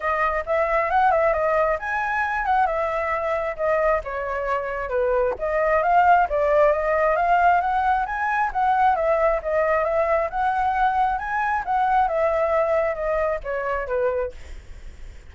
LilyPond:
\new Staff \with { instrumentName = "flute" } { \time 4/4 \tempo 4 = 134 dis''4 e''4 fis''8 e''8 dis''4 | gis''4. fis''8 e''2 | dis''4 cis''2 b'4 | dis''4 f''4 d''4 dis''4 |
f''4 fis''4 gis''4 fis''4 | e''4 dis''4 e''4 fis''4~ | fis''4 gis''4 fis''4 e''4~ | e''4 dis''4 cis''4 b'4 | }